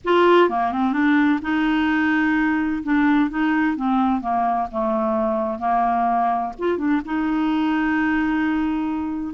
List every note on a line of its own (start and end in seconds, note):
0.04 0.49 F4
0.49 0.72 A#3
0.72 0.92 C4
0.92 1.39 D4
1.42 2.82 D#4
2.83 3.30 D4
3.30 3.76 D#4
3.76 4.21 C4
4.21 4.67 A#3
4.71 5.58 A3
5.58 6.52 A#3
6.58 6.77 F4
6.77 7.01 D4
7.05 9.34 D#4